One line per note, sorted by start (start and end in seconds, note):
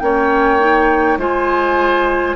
0.00 1.18 A#3
0.00 0.60 C#4
0.00 1.19 C#5
0.00 1.18 G5
0.60 1.19 D#4
1.18 2.36 G#3
1.18 2.36 F4
1.18 2.36 C5
1.18 2.36 G#5